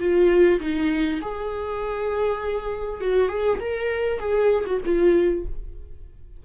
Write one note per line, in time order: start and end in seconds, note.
0.00 0.60 F4
0.60 1.20 D#4
1.22 3.01 G#4
3.01 3.29 F#4
3.29 3.59 G#4
3.60 4.20 A#4
4.20 4.65 G#4
4.66 4.81 F#4
4.85 5.45 F4